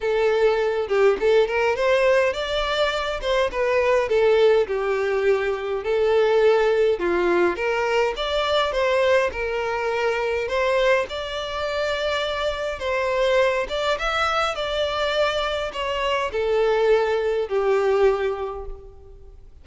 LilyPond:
\new Staff \with { instrumentName = "violin" } { \time 4/4 \tempo 4 = 103 a'4. g'8 a'8 ais'8 c''4 | d''4. c''8 b'4 a'4 | g'2 a'2 | f'4 ais'4 d''4 c''4 |
ais'2 c''4 d''4~ | d''2 c''4. d''8 | e''4 d''2 cis''4 | a'2 g'2 | }